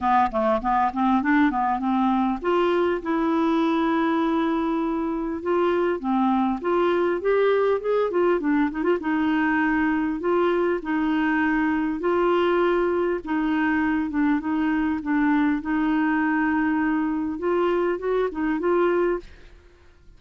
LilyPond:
\new Staff \with { instrumentName = "clarinet" } { \time 4/4 \tempo 4 = 100 b8 a8 b8 c'8 d'8 b8 c'4 | f'4 e'2.~ | e'4 f'4 c'4 f'4 | g'4 gis'8 f'8 d'8 dis'16 f'16 dis'4~ |
dis'4 f'4 dis'2 | f'2 dis'4. d'8 | dis'4 d'4 dis'2~ | dis'4 f'4 fis'8 dis'8 f'4 | }